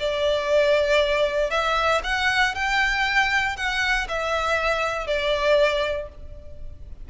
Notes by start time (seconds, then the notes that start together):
0.00 D5
1.51 E5
2.04 F#5
2.55 G5
3.57 F#5
4.09 E5
5.07 D5